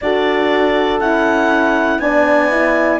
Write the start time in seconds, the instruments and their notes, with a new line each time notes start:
0.01 cello D4, horn F#4 A4, clarinet D5
1.00 cello C#4, horn E4, clarinet F#5
1.98 cello B3, horn D4 D5, clarinet G#5
2.50 horn E4